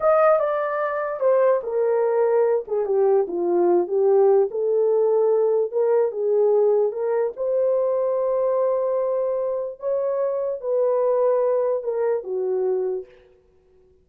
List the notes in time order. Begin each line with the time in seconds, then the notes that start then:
0.00 D#5
0.39 D5
1.19 C5
1.63 A#4
2.67 G#4
2.85 G4
3.27 F4
3.87 G4
4.50 A4
5.71 A#4
6.11 G#4
6.92 A#4
7.36 C5
9.79 C#5
10.60 B4
11.83 A#4
12.23 F#4